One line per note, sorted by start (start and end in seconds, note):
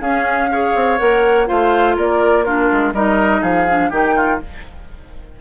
0.00 0.73 C#4
0.00 0.50 C#4
0.00 0.50 G#4
0.00 0.98 F5
0.51 0.98 G#4
0.51 1.48 C#5
0.75 0.99 C4
0.98 1.49 A#3
0.98 1.46 A#4
0.98 1.47 F#5
1.46 1.97 A3
1.46 2.44 F4
1.46 1.96 C5
1.46 1.96 F5
1.96 2.70 A#3
1.96 2.45 A#4
1.96 2.44 D5
2.44 2.94 D4
2.44 2.93 F4
2.44 2.93 A#4
2.72 2.93 G#3
2.93 3.42 G3
2.93 3.68 D#4
2.93 3.41 A#4
2.93 3.42 D#5
3.41 3.90 F3
3.41 3.90 G#4
3.41 3.91 F5
3.68 3.91 D4
3.90 4.40 D#3
3.90 4.40 D#4
3.90 4.14 G4
3.90 4.41 G5
4.16 4.40 F4